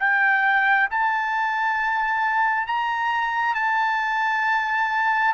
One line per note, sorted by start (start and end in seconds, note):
0.00 0.90 G5
0.91 2.67 A5
2.67 3.55 A#5
3.55 5.34 A5